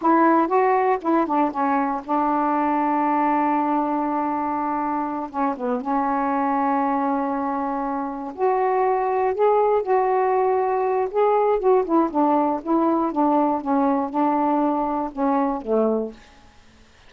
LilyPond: \new Staff \with { instrumentName = "saxophone" } { \time 4/4 \tempo 4 = 119 e'4 fis'4 e'8 d'8 cis'4 | d'1~ | d'2~ d'8 cis'8 b8 cis'8~ | cis'1~ |
cis'8 fis'2 gis'4 fis'8~ | fis'2 gis'4 fis'8 e'8 | d'4 e'4 d'4 cis'4 | d'2 cis'4 a4 | }